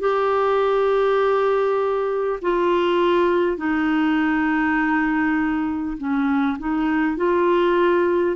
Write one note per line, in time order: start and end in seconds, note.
0.00 2.40 G4
2.42 3.58 F4
3.58 5.98 D#4
5.98 6.58 C#4
6.59 7.17 D#4
7.17 8.37 F4